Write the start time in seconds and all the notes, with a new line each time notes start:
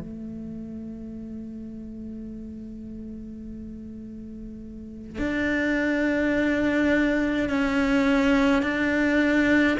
0.00 A3
5.19 D4
7.49 C#4
8.62 D4